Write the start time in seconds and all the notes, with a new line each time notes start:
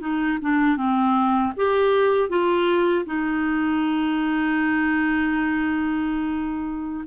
0.00 D#4
0.41 D4
0.77 C4
1.56 G4
2.29 F4
3.05 D#4